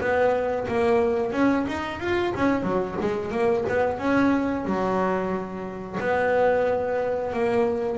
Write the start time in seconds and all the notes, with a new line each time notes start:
0.00 B3
0.68 A#3
1.32 C#4
1.67 D#4
2.00 F4
2.35 C#4
2.62 F#3
3.01 G#3
3.31 A#3
3.68 B3
3.98 C#4
4.65 F#3
6.00 B3
7.33 A#3